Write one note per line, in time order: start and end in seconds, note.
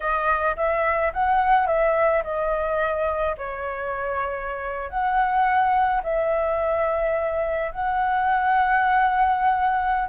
0.00 0.56 D#5
0.56 1.12 E5
1.13 1.66 F#5
1.66 2.23 E5
2.23 3.35 D#5
3.37 4.89 C#5
4.89 6.01 F#5
6.03 7.71 E5
7.71 10.08 F#5